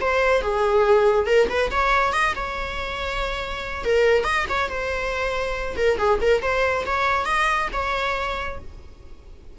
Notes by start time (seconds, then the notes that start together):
0.00 C5
0.41 G#4
1.26 A#4
1.49 B4
1.71 C#5
2.13 D#5
2.35 C#5
3.84 A#4
4.24 D#5
4.49 C#5
4.69 C5
5.76 A#4
5.98 G#4
6.21 A#4
6.42 C5
6.86 C#5
7.25 D#5
7.73 C#5